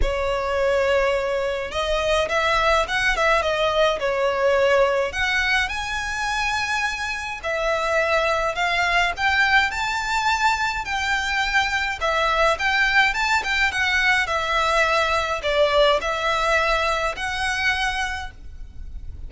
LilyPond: \new Staff \with { instrumentName = "violin" } { \time 4/4 \tempo 4 = 105 cis''2. dis''4 | e''4 fis''8 e''8 dis''4 cis''4~ | cis''4 fis''4 gis''2~ | gis''4 e''2 f''4 |
g''4 a''2 g''4~ | g''4 e''4 g''4 a''8 g''8 | fis''4 e''2 d''4 | e''2 fis''2 | }